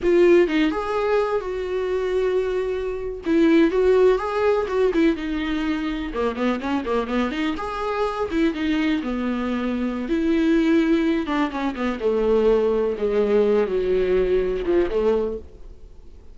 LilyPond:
\new Staff \with { instrumentName = "viola" } { \time 4/4 \tempo 4 = 125 f'4 dis'8 gis'4. fis'4~ | fis'2~ fis'8. e'4 fis'16~ | fis'8. gis'4 fis'8 e'8 dis'4~ dis'16~ | dis'8. ais8 b8 cis'8 ais8 b8 dis'8 gis'16~ |
gis'4~ gis'16 e'8 dis'4 b4~ b16~ | b4 e'2~ e'8 d'8 | cis'8 b8 a2 gis4~ | gis8 fis2 f8 a4 | }